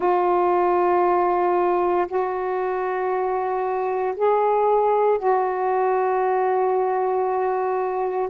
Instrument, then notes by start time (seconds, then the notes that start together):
saxophone
0.00 F4
2.07 F#4
4.16 G#4
5.18 F#4